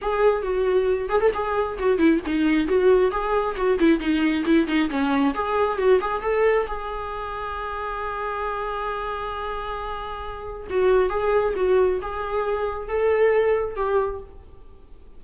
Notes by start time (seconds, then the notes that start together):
0.01 G#4
0.42 F#4
1.09 G#4
1.20 A4
1.33 G#4
1.79 F#4
1.98 E4
2.26 D#4
2.67 F#4
3.11 G#4
3.56 F#4
3.79 E4
3.99 D#4
4.45 E4
4.67 D#4
4.89 C#4
5.34 G#4
5.77 F#4
6.01 G#4
6.22 A4
6.67 G#4
10.70 F#4
11.09 G#4
11.56 F#4
12.01 G#4
12.88 A4
13.76 G4